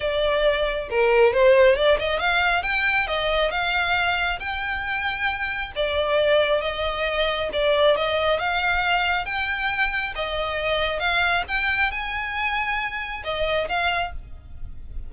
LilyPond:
\new Staff \with { instrumentName = "violin" } { \time 4/4 \tempo 4 = 136 d''2 ais'4 c''4 | d''8 dis''8 f''4 g''4 dis''4 | f''2 g''2~ | g''4 d''2 dis''4~ |
dis''4 d''4 dis''4 f''4~ | f''4 g''2 dis''4~ | dis''4 f''4 g''4 gis''4~ | gis''2 dis''4 f''4 | }